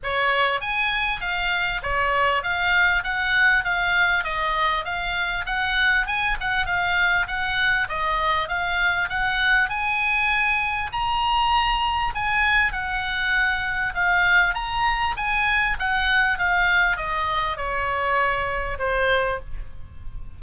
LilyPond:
\new Staff \with { instrumentName = "oboe" } { \time 4/4 \tempo 4 = 99 cis''4 gis''4 f''4 cis''4 | f''4 fis''4 f''4 dis''4 | f''4 fis''4 gis''8 fis''8 f''4 | fis''4 dis''4 f''4 fis''4 |
gis''2 ais''2 | gis''4 fis''2 f''4 | ais''4 gis''4 fis''4 f''4 | dis''4 cis''2 c''4 | }